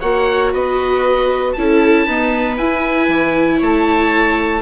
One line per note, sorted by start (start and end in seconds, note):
0.00 0.53 A#3
0.00 1.55 F#4
0.00 0.51 C#5
0.00 0.51 F#5
0.52 1.55 B3
0.52 1.54 B4
0.52 1.53 D#5
1.53 2.06 C#4
1.53 2.08 E4
1.53 2.05 A4
1.53 2.55 A5
2.05 2.59 B3
2.05 2.57 D#4
2.05 3.58 B4
2.57 3.08 E4
2.57 4.61 E4
2.57 3.59 G#5
3.08 3.59 E3
3.58 4.61 A3
3.58 4.61 C#5
3.58 4.61 A5